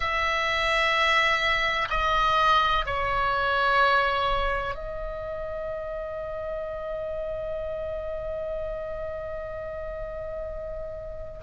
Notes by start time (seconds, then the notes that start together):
0.00 E5
1.90 D#5
2.86 C#5
4.74 D#5